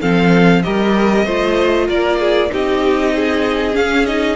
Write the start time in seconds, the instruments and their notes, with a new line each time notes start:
0.00 cello F3, viola C4, violin A4 F5
0.62 cello G3, viola G4, violin A#4 D#5
1.25 cello A3, viola F4, violin C5
1.87 cello A#3, violin A#4 D5
2.19 violin G#4
2.49 cello C4, viola D#4, violin G4 D#5
3.14 violin G#4
3.73 viola C#4, cello C#4, violin F5
4.06 viola D#4, violin D#5